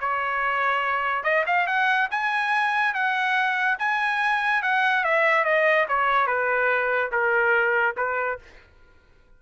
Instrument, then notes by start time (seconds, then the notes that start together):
trumpet
0.00 C#5
1.24 D#5
1.47 F5
1.67 F#5
2.11 G#5
2.94 F#5
3.79 G#5
4.62 F#5
5.04 E5
5.45 D#5
5.88 C#5
6.27 B4
7.12 A#4
7.97 B4